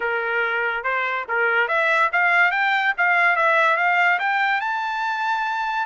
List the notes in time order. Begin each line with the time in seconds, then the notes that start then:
0.00 A#4
0.83 C5
1.28 A#4
1.68 E5
2.12 F5
2.51 G5
2.97 F5
3.36 E5
3.76 F5
4.19 G5
4.60 A5